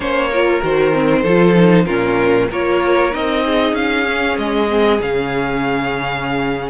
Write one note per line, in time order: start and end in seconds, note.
0.00 0.60 A#3
0.00 0.31 C#4
0.00 0.30 C5
0.00 0.61 C#5
0.31 0.62 F4
0.31 1.22 A#4
0.62 1.24 D#3
0.62 0.93 F#4
0.62 1.85 C5
0.93 1.24 C4
1.22 1.87 F3
1.22 1.54 F4
1.22 1.84 A4
1.54 1.86 D#4
1.85 2.50 A#2
1.85 2.49 C#4
1.85 2.47 F4
1.85 2.48 A#4
2.50 3.13 A#3
2.50 3.12 F4
2.50 3.44 A#4
2.50 3.14 C#5
3.12 3.73 C4
3.12 4.05 D#4
3.12 3.74 D#5
3.45 6.69 G#4
3.73 4.35 C#4
3.73 4.37 F5
4.05 4.67 C#4
4.38 5.00 G#3
4.38 5.00 D#5
4.68 4.99 C4
5.01 6.69 C#3
5.01 6.69 C#4
5.01 6.69 F5